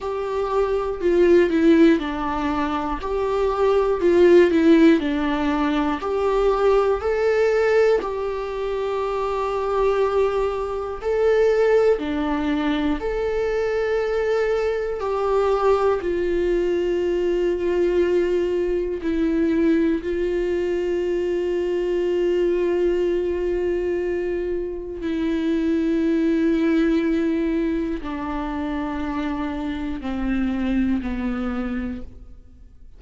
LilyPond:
\new Staff \with { instrumentName = "viola" } { \time 4/4 \tempo 4 = 60 g'4 f'8 e'8 d'4 g'4 | f'8 e'8 d'4 g'4 a'4 | g'2. a'4 | d'4 a'2 g'4 |
f'2. e'4 | f'1~ | f'4 e'2. | d'2 c'4 b4 | }